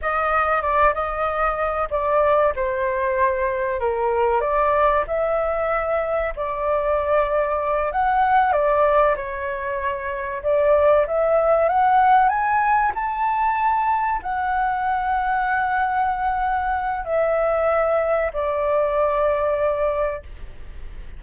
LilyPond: \new Staff \with { instrumentName = "flute" } { \time 4/4 \tempo 4 = 95 dis''4 d''8 dis''4. d''4 | c''2 ais'4 d''4 | e''2 d''2~ | d''8 fis''4 d''4 cis''4.~ |
cis''8 d''4 e''4 fis''4 gis''8~ | gis''8 a''2 fis''4.~ | fis''2. e''4~ | e''4 d''2. | }